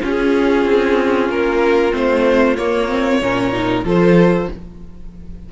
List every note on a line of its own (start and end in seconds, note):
0.00 1.92 C#4
0.00 0.66 C#4
0.00 3.19 F4
0.00 1.31 G#4
0.66 1.29 C4
1.29 1.93 A#3
1.29 1.94 A#4
1.92 2.58 A3
1.92 2.56 C4
1.92 2.57 C5
2.57 2.89 A#3
2.57 3.22 A#3
2.57 3.84 C#5
2.89 3.21 C4
3.22 3.84 A#2
3.22 3.53 C#4
3.22 3.85 A#4
3.53 3.85 D#4
3.84 4.48 F3
3.84 4.49 F4
3.84 4.49 A4
3.84 4.52 C5